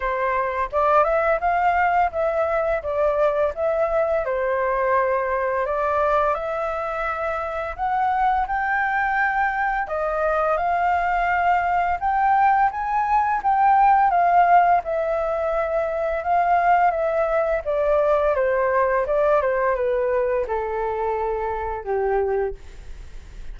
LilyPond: \new Staff \with { instrumentName = "flute" } { \time 4/4 \tempo 4 = 85 c''4 d''8 e''8 f''4 e''4 | d''4 e''4 c''2 | d''4 e''2 fis''4 | g''2 dis''4 f''4~ |
f''4 g''4 gis''4 g''4 | f''4 e''2 f''4 | e''4 d''4 c''4 d''8 c''8 | b'4 a'2 g'4 | }